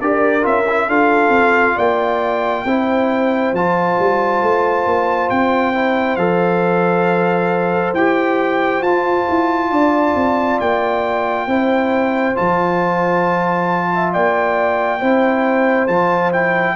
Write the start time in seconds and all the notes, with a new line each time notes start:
0.00 D4 G4 A#4 D5
0.41 C#4 F4 E5
0.68 E4
0.87 D4 F4 A4 F5
1.29 C4
1.75 A#3 D5 G5
2.64 C4 E4 C5
3.52 F3 F4 A5
3.99 G3
4.42 A3
4.85 A#3
5.29 C4 G5
5.74 E4
6.16 F3 A4 F5
7.93 E4 G4 G5
8.81 F4 A5
9.29 E4
9.70 D4 D5
10.15 C4
10.59 A#3 G5
11.47 C4 E4 C5
12.34 F3 F4 A5
13.94 E5
14.13 A#3 D5 G5
14.99 C4 E4 C5
15.87 F3 F4 A5
16.32 E4 G5